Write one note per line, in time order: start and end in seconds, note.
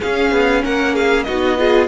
0.00 1.28 C#4
0.00 0.31 C#4
0.00 0.62 G#4
0.00 0.64 F5
0.31 0.62 B3
0.64 1.28 A#3
0.64 0.95 A#4
0.64 0.95 F#5
0.95 1.26 G#4
0.95 1.24 F5
1.24 1.88 B3
1.24 1.58 D#4
1.24 1.58 F#4
1.24 1.86 D#5
1.58 1.88 F4
1.58 1.88 G#4